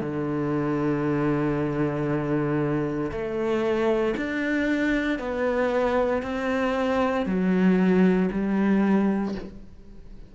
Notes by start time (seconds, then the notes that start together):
0.00 D3
3.11 A3
4.17 D4
5.19 B3
6.22 C4
7.26 F#3
8.31 G3